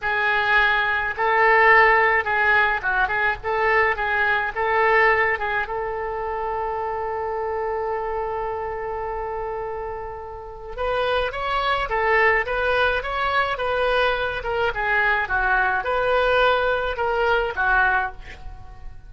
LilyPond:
\new Staff \with { instrumentName = "oboe" } { \time 4/4 \tempo 4 = 106 gis'2 a'2 | gis'4 fis'8 gis'8 a'4 gis'4 | a'4. gis'8 a'2~ | a'1~ |
a'2. b'4 | cis''4 a'4 b'4 cis''4 | b'4. ais'8 gis'4 fis'4 | b'2 ais'4 fis'4 | }